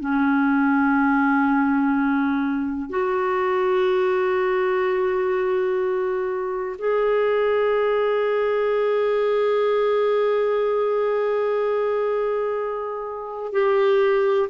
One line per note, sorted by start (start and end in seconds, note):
0.00 2.89 C#4
2.89 6.76 F#4
6.78 13.52 G#4
13.52 14.49 G4